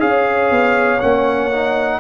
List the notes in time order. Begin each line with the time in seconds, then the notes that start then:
0.00 C#4 G#4 C#5 F5
0.51 B3
1.01 A#3 C#4 F#5
1.52 D#4